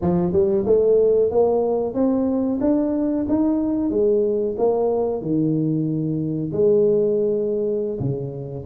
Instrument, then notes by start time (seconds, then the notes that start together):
tuba
0.01 F3
0.32 G3
0.66 A3
1.30 A#3
1.94 C4
2.61 D4
3.28 D#4
3.90 G#3
4.57 A#3
5.21 D#3
6.52 G#3
7.99 C#3